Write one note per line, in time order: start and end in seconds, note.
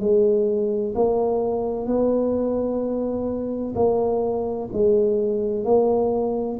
0.00 0.94 G#3
0.95 1.86 A#3
1.86 3.74 B3
3.75 4.69 A#3
4.73 5.65 G#3
5.65 6.58 A#3